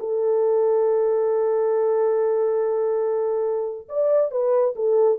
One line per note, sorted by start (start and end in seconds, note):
0.00 3.88 A4
3.89 4.31 D5
4.31 4.75 B4
4.76 5.19 A4